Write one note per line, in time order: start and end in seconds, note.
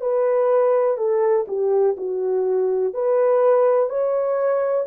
0.00 0.97 B4
0.97 1.46 A4
1.48 1.96 G4
1.97 2.93 F#4
2.93 3.89 B4
3.89 4.86 C#5